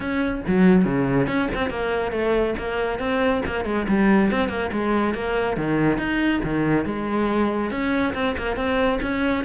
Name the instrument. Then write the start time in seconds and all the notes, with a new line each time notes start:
cello
0.00 C#4
0.47 F#3
0.84 C#3
1.27 C#4
1.54 C4
1.70 A#3
2.11 A3
2.58 A#3
2.99 C4
3.46 A#3
3.64 G#3
3.87 G3
4.31 C4
4.48 A#3
4.72 G#3
5.14 A#3
5.57 D#3
5.97 D#4
6.43 D#3
6.85 G#3
7.70 C#4
8.14 C4
8.37 A#3
8.56 C4
9.01 C#4